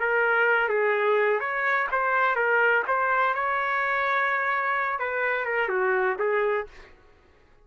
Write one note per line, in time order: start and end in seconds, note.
0.00 0.69 A#4
0.69 1.40 G#4
1.40 1.88 C#5
1.92 2.36 C5
2.36 2.84 A#4
2.88 3.35 C5
3.35 5.00 C#5
5.00 5.46 B4
5.46 5.69 A#4
5.69 6.17 F#4
6.19 6.67 G#4